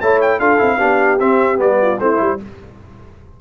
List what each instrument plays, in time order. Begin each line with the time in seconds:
0.00 tuba A3, trombone E4, horn C#5, trumpet A5
0.21 trumpet G5
0.38 tuba D4, trombone F4, horn A4, trumpet F5
0.58 tuba C4, trombone E4
0.77 tuba B3, trombone D4, horn G4
1.19 tuba C4, trombone C4, trumpet E5
1.56 tuba G3, trombone B3, trumpet D5
1.81 horn F4
1.99 tuba A3, trombone C4, horn E4, trumpet C5
2.17 tuba G3, trombone E4